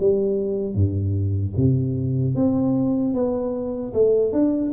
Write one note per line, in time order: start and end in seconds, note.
0.00 0.75 G3
0.75 1.54 G2
1.56 2.35 C3
2.35 3.14 C4
3.14 3.93 B3
3.94 4.33 A3
4.33 4.72 D4